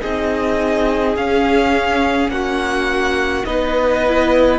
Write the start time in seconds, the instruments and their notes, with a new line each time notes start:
0.00 cello C4, viola D#4, violin G#4 D#5
1.16 cello C#4, viola C#4, violin F5
2.28 cello A#3, violin F#4 F#5
3.45 cello B3, viola D#4, violin B4 D#5
4.07 viola E4